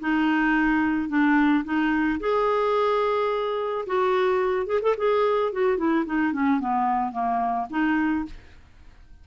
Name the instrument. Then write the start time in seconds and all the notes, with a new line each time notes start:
clarinet
0.00 D#4
1.09 D4
1.64 D#4
2.20 G#4
3.86 F#4
4.66 G#4
4.82 A4
4.97 G#4
5.52 F#4
5.77 E4
6.06 D#4
6.33 C#4
6.60 B3
7.12 A#3
7.70 D#4